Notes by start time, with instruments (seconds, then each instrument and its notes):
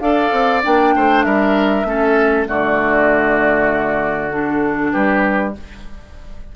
0.00 bassoon D4, clarinet A4, oboe D5, flute F5
0.32 bassoon C4
0.63 bassoon A#3, clarinet D4, flute G5
0.96 bassoon A3, oboe C5
1.23 bassoon G3, oboe A#4, flute E5
1.84 bassoon A3, clarinet C#4, oboe A4
2.46 bassoon D3, clarinet A3, oboe F#4, flute D5
4.30 clarinet D4, flute A4
4.92 bassoon G3, oboe G4, flute B4